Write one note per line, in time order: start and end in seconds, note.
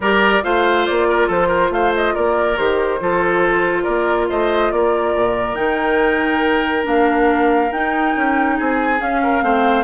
0.00 0.42 G3
0.00 0.42 G4
0.00 0.43 A#4
0.00 0.43 D5
0.42 0.87 A3
0.42 2.57 F4
0.42 1.08 C5
0.42 0.86 F5
0.86 1.28 A#3
0.86 1.29 D5
1.08 1.27 A#4
1.27 1.69 F3
1.27 1.47 A4
1.27 1.72 C5
1.47 1.69 A#4
1.69 2.12 A3
1.69 2.14 C5
1.69 1.93 F5
1.95 2.15 D#5
2.14 2.58 A#3
2.14 3.00 A#4
2.14 2.57 D5
2.57 3.00 D#3
2.57 3.00 G4
2.57 3.83 C5
3.00 3.86 F3
3.00 5.55 F4
3.00 3.83 A4
3.83 4.30 A#3
3.83 4.26 A#4
3.83 4.26 D5
4.29 4.71 A3
4.29 4.72 C5
4.29 4.71 D#5
4.71 5.14 A#3
4.71 8.56 A#4
4.71 5.55 D5
5.15 5.56 A#2
5.55 6.85 D#3
5.55 6.83 D#4
5.55 6.84 G5
6.83 7.71 A#3
6.83 7.69 D4
6.83 7.71 F5
7.71 8.14 D#4
7.71 8.99 D#4
7.71 8.57 G5
8.15 8.58 C#4
8.56 9.00 C4
8.56 9.21 G#4
8.56 9.00 G#5
8.99 9.42 C#4
8.99 9.84 F5
9.23 9.43 A#4
9.42 9.84 A3
9.42 9.84 C4
9.42 9.84 C5